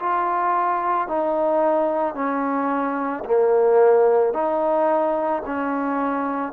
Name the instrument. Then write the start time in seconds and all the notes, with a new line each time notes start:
trombone
0.00 F4
1.08 D#4
2.15 C#4
3.25 A#3
4.34 D#4
5.46 C#4